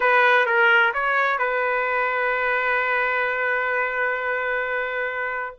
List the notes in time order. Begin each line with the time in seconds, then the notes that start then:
0.00 B4
0.46 A#4
0.93 C#5
1.38 B4